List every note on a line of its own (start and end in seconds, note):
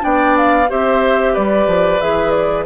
0.00 0.70 B3
0.00 0.66 D4
0.00 0.70 D5
0.00 0.37 G5
0.37 0.70 F5
0.69 1.37 C4
0.69 2.01 G4
0.69 1.34 C5
0.69 1.35 E5
1.34 1.67 G3
1.34 2.65 B4
1.34 2.01 D5
1.67 2.00 F3
2.01 2.67 E3
2.01 2.67 G#4
2.01 2.31 E5
2.31 2.64 D5